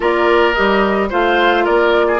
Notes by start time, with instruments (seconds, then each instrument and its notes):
0.00 bassoon A#3, clarinet F4, oboe A#4, flute D5
0.54 bassoon G3, clarinet G4, flute D#5
1.09 bassoon A3, clarinet F4, oboe C5, flute F5
1.64 bassoon A#3, oboe A#4, flute D5
2.07 oboe G#4